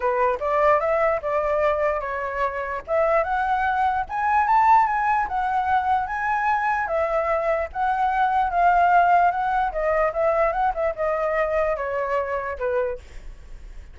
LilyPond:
\new Staff \with { instrumentName = "flute" } { \time 4/4 \tempo 4 = 148 b'4 d''4 e''4 d''4~ | d''4 cis''2 e''4 | fis''2 gis''4 a''4 | gis''4 fis''2 gis''4~ |
gis''4 e''2 fis''4~ | fis''4 f''2 fis''4 | dis''4 e''4 fis''8 e''8 dis''4~ | dis''4 cis''2 b'4 | }